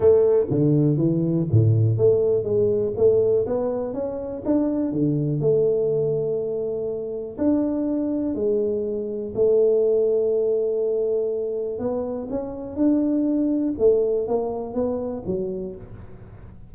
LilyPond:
\new Staff \with { instrumentName = "tuba" } { \time 4/4 \tempo 4 = 122 a4 d4 e4 a,4 | a4 gis4 a4 b4 | cis'4 d'4 d4 a4~ | a2. d'4~ |
d'4 gis2 a4~ | a1 | b4 cis'4 d'2 | a4 ais4 b4 fis4 | }